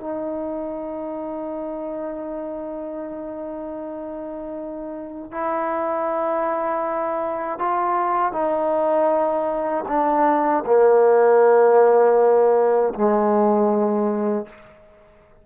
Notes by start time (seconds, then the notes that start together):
0.00 D#4
5.31 E4
7.58 F4
8.32 D#4
9.88 D4
10.65 A#3
12.94 G#3